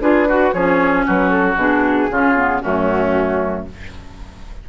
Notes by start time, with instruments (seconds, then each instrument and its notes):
0.00 bassoon D4, clarinet F4, oboe G#4, flute B4
0.28 oboe F#4, clarinet F#4
0.53 bassoon F3, clarinet C#4, oboe G#4, flute C#5
1.06 bassoon F#3, oboe F#4, flute B4
1.29 flute A4
1.55 bassoon B2, clarinet D4, flute G#4
2.11 bassoon C#3, clarinet C#4, oboe F4
2.36 clarinet B3
2.60 bassoon F#2, clarinet A3, oboe C#4, flute F#4